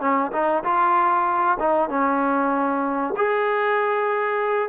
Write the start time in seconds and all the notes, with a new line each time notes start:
0.00 C#4
0.32 D#4
0.64 F4
1.59 D#4
1.89 C#4
3.16 G#4